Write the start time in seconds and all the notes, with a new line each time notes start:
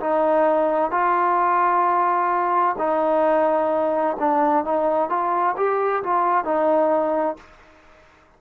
0.00 D#4
0.91 F4
2.78 D#4
4.19 D4
4.64 D#4
5.09 F4
5.57 G4
6.03 F4
6.44 D#4